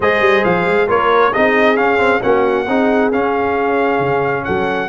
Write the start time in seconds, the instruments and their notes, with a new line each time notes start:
0.00 tuba G#3, trombone G#4, horn C5, trumpet D#5
0.20 tuba G3
0.44 tuba F3, trumpet F5
0.66 tuba G#3
0.87 tuba A#3, trombone F4, horn A#4, trumpet C#5
1.33 tuba C4, trombone D#4, horn G#4, trumpet D#5
1.76 trombone C#4, tuba C#4, trumpet F5
1.98 trombone C4
2.21 tuba A#3, trombone C#4, horn F#4, trumpet F#5
2.67 tuba C4, trombone D#4, horn G#4
3.11 tuba C#4, trombone C#4, trumpet F5
3.99 tuba C#3
4.44 tuba F#3, horn A4, trumpet F#5